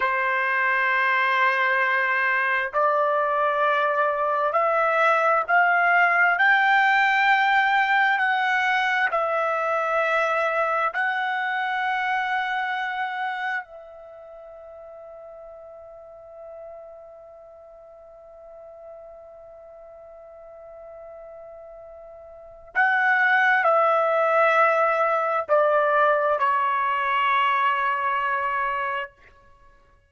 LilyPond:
\new Staff \with { instrumentName = "trumpet" } { \time 4/4 \tempo 4 = 66 c''2. d''4~ | d''4 e''4 f''4 g''4~ | g''4 fis''4 e''2 | fis''2. e''4~ |
e''1~ | e''1~ | e''4 fis''4 e''2 | d''4 cis''2. | }